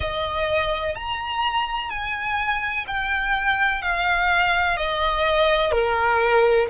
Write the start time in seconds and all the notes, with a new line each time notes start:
0.00 D#5
0.95 A#5
1.90 G#5
2.87 G5
3.81 F5
4.76 D#5
5.71 A#4